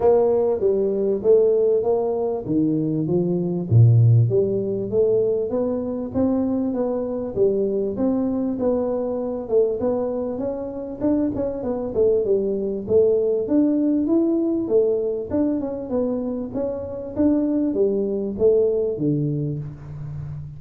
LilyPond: \new Staff \with { instrumentName = "tuba" } { \time 4/4 \tempo 4 = 98 ais4 g4 a4 ais4 | dis4 f4 ais,4 g4 | a4 b4 c'4 b4 | g4 c'4 b4. a8 |
b4 cis'4 d'8 cis'8 b8 a8 | g4 a4 d'4 e'4 | a4 d'8 cis'8 b4 cis'4 | d'4 g4 a4 d4 | }